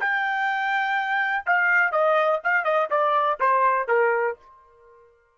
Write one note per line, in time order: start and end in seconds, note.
0.00 1.45 G5
1.46 1.92 F5
1.92 2.40 D#5
2.43 2.64 F5
2.64 2.89 D#5
2.91 3.39 D5
3.40 3.88 C5
3.88 4.37 A#4